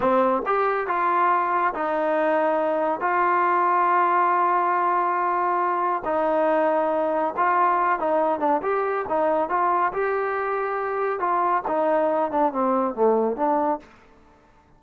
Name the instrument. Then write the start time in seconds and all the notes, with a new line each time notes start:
trombone
0.00 C4
0.45 G4
0.87 F4
1.74 D#4
3.00 F4
6.05 D#4
7.37 F4
7.99 D#4
8.39 D4
8.62 G4
9.08 D#4
9.49 F4
9.92 G4
11.19 F4
11.67 D#4
12.31 D4
12.52 C4
12.94 A3
13.36 D4